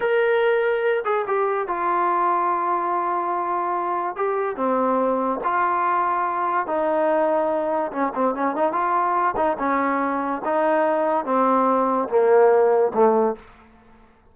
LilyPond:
\new Staff \with { instrumentName = "trombone" } { \time 4/4 \tempo 4 = 144 ais'2~ ais'8 gis'8 g'4 | f'1~ | f'2 g'4 c'4~ | c'4 f'2. |
dis'2. cis'8 c'8 | cis'8 dis'8 f'4. dis'8 cis'4~ | cis'4 dis'2 c'4~ | c'4 ais2 a4 | }